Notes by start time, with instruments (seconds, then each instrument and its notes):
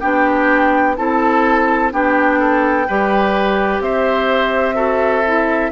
0.00 bassoon B3, clarinet D4, oboe G4, flute G5
0.96 bassoon C4, clarinet E4, oboe A4, flute A5
1.92 bassoon B3, clarinet D4, oboe G4, flute G5
2.40 oboe A4
2.88 bassoon G3, clarinet G4, oboe B4
3.80 bassoon C4, oboe C5, flute E5
4.75 clarinet F#4, oboe A4
5.27 clarinet E4